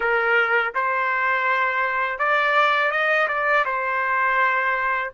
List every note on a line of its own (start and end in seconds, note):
0.00 0.73 A#4
0.75 2.19 C5
2.19 2.91 D5
2.91 3.27 D#5
3.28 3.64 D5
3.65 5.11 C5